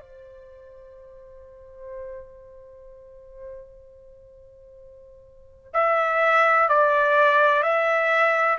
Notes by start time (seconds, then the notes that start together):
0.00 C5
5.73 E5
6.68 D5
7.63 E5